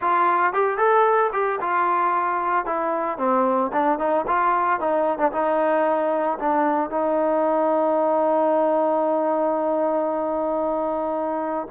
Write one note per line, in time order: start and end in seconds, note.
0.01 0.53 F4
0.53 0.77 G4
0.77 1.30 A4
1.33 1.59 G4
1.60 2.65 F4
2.65 3.18 E4
3.18 3.71 C4
3.72 3.98 D4
3.98 4.25 D#4
4.27 4.80 F4
4.80 5.18 D#4
5.18 5.31 D4
5.32 6.38 D#4
6.39 6.90 D4
6.90 11.67 D#4